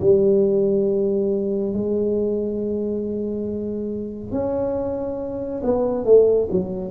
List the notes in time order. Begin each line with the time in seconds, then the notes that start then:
0.00 G3
1.74 G#3
4.32 C#4
5.63 B3
6.05 A3
6.51 F#3